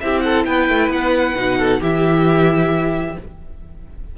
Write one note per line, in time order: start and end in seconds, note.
0.00 0.46 C4
0.00 1.36 E4
0.00 0.24 G4
0.00 0.20 E5
0.20 0.46 A4
0.20 0.43 F#5
0.45 0.69 B3
0.45 1.58 B4
0.45 0.90 G5
0.69 0.88 A3
0.88 1.34 B3
0.88 1.82 F#5
1.35 1.80 B2
1.35 1.81 D#4
1.58 1.80 A4
1.80 3.16 E3
1.80 3.17 E4
1.80 3.16 G4
1.80 3.18 E5